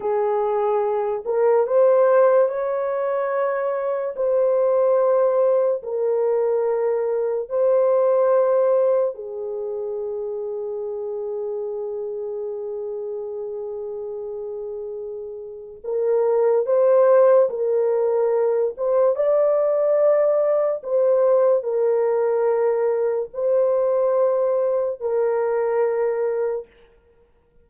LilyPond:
\new Staff \with { instrumentName = "horn" } { \time 4/4 \tempo 4 = 72 gis'4. ais'8 c''4 cis''4~ | cis''4 c''2 ais'4~ | ais'4 c''2 gis'4~ | gis'1~ |
gis'2. ais'4 | c''4 ais'4. c''8 d''4~ | d''4 c''4 ais'2 | c''2 ais'2 | }